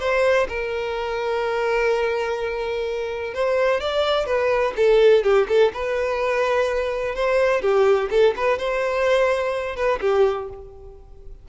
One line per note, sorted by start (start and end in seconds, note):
0.00 0.48 C5
0.49 3.34 A#4
3.34 3.81 C5
3.81 4.26 D5
4.26 4.74 B4
4.77 5.24 A4
5.24 5.47 G4
5.48 5.72 A4
5.74 7.15 B4
7.15 7.62 C5
7.62 8.09 G4
8.11 8.34 A4
8.37 8.58 B4
8.58 9.76 C5
9.76 10.00 B4
10.01 10.49 G4